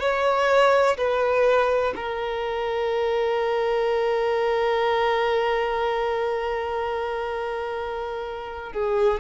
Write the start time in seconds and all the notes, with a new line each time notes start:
0.00 C#5
0.97 B4
1.96 A#4
8.73 G#4